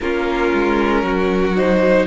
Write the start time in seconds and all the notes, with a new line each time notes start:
0.00 A#3 C#4 F4 A#4
0.53 G#3
1.02 F#3 F#4
1.56 D#4 C5